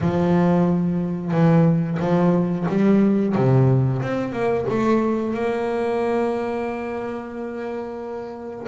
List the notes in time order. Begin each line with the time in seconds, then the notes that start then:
0.01 F3
1.31 E3
1.99 F3
2.68 G3
3.35 C3
4.02 C4
4.32 A#3
4.69 A3
5.34 A#3